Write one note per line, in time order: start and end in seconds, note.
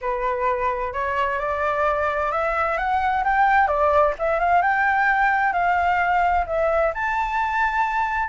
0.01 0.93 B4
0.93 1.39 C#5
1.39 2.31 D5
2.31 2.77 E5
2.77 3.23 F#5
3.24 3.67 G5
3.67 4.13 D5
4.19 4.39 E5
4.39 4.62 F5
4.62 5.53 G5
5.53 6.45 F5
6.46 6.92 E5
6.94 8.28 A5